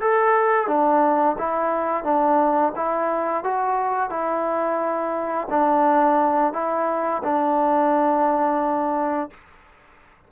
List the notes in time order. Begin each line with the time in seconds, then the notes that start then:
0.00 A4
0.67 D4
1.38 E4
2.03 D4
2.76 E4
3.44 F#4
4.10 E4
5.50 D4
6.53 E4
7.23 D4